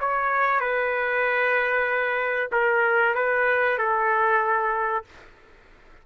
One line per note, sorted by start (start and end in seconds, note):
0.00 0.60 C#5
0.60 2.50 B4
2.52 3.15 A#4
3.15 3.78 B4
3.78 5.04 A4